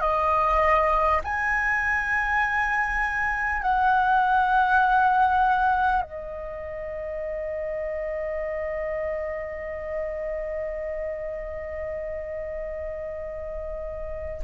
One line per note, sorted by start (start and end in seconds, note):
0.00 1.20 D#5
1.24 3.62 G#5
3.62 6.02 F#5
6.02 14.42 D#5